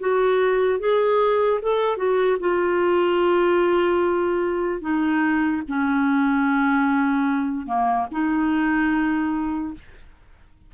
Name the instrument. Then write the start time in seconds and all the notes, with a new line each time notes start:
clarinet
0.00 F#4
0.79 G#4
1.62 A4
1.97 F#4
2.40 F4
4.81 D#4
5.68 C#4
7.66 A#3
8.12 D#4